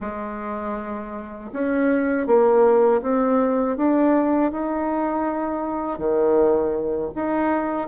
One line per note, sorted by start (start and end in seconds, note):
0.00 1.50 G#3
1.52 2.26 C#4
2.26 3.01 A#3
3.02 3.76 C4
3.76 4.51 D4
4.51 5.98 D#4
5.98 7.10 D#3
7.15 7.88 D#4